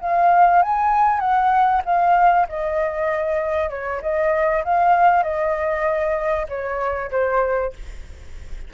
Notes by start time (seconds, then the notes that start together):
0.00 F5
0.62 G#5
1.19 F#5
1.85 F5
2.48 D#5
3.69 C#5
4.01 D#5
4.64 F5
5.23 D#5
6.48 C#5
7.10 C5